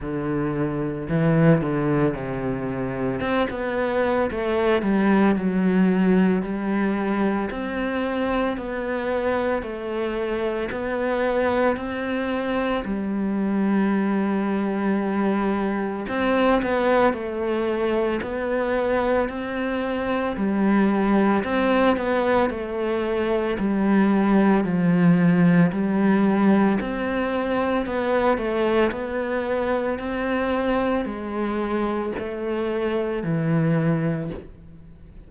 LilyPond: \new Staff \with { instrumentName = "cello" } { \time 4/4 \tempo 4 = 56 d4 e8 d8 c4 c'16 b8. | a8 g8 fis4 g4 c'4 | b4 a4 b4 c'4 | g2. c'8 b8 |
a4 b4 c'4 g4 | c'8 b8 a4 g4 f4 | g4 c'4 b8 a8 b4 | c'4 gis4 a4 e4 | }